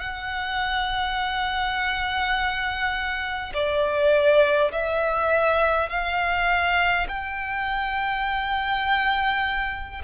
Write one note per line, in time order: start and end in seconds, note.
0.00 3.53 F#5
3.55 4.72 D5
4.72 5.90 E5
5.90 7.07 F5
7.09 10.03 G5